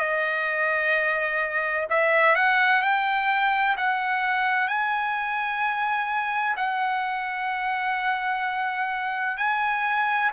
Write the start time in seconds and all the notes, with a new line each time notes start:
0.00 D#5
1.90 E5
2.36 F#5
2.82 G5
3.77 F#5
4.68 G#5
6.57 F#5
9.37 G#5